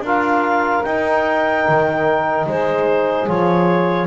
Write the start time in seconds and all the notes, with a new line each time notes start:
0.00 D4 F4 A#4 F5
0.84 D#4 G5
1.69 D#3
2.46 G#3 G#4 C5
3.28 F3 F4 C#5